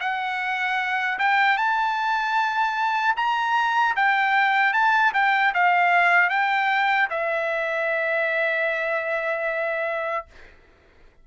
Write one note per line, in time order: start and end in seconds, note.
0.00 1.18 F#5
1.19 1.57 G5
1.57 3.15 A5
3.16 3.95 A#5
3.96 4.73 G5
4.73 5.12 A5
5.14 5.53 G5
5.54 6.29 F5
6.29 7.08 G5
7.10 10.26 E5